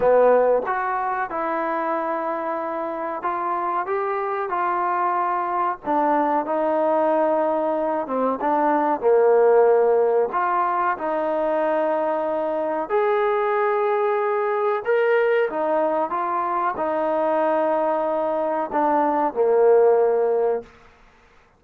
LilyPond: \new Staff \with { instrumentName = "trombone" } { \time 4/4 \tempo 4 = 93 b4 fis'4 e'2~ | e'4 f'4 g'4 f'4~ | f'4 d'4 dis'2~ | dis'8 c'8 d'4 ais2 |
f'4 dis'2. | gis'2. ais'4 | dis'4 f'4 dis'2~ | dis'4 d'4 ais2 | }